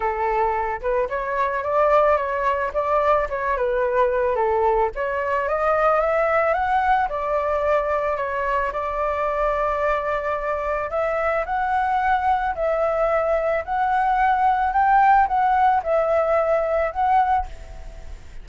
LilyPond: \new Staff \with { instrumentName = "flute" } { \time 4/4 \tempo 4 = 110 a'4. b'8 cis''4 d''4 | cis''4 d''4 cis''8 b'4. | a'4 cis''4 dis''4 e''4 | fis''4 d''2 cis''4 |
d''1 | e''4 fis''2 e''4~ | e''4 fis''2 g''4 | fis''4 e''2 fis''4 | }